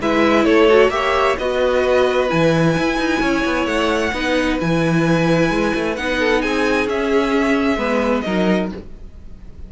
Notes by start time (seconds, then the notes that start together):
0.00 G#3 E4 B4 E5
0.44 A3 A4 C#5
0.69 F#4
0.89 A#3 G4 E5
0.95 C#5
1.38 B3 F#4 B4 D#5
2.28 E3 E4 G#5
2.78 E4
2.98 D#4
3.21 C#4 C#5
3.45 B3
3.66 A3 F#5
4.13 B3 D#4 B4
4.59 E3 E4 G#5
5.50 G#3
5.75 A3
5.96 B3 D#4 F#5
6.19 A4
6.41 C4 G#4 G#5
6.86 C#4 E5
7.76 G#3 B3 B4
8.21 F#3 D#4 A#4 D#5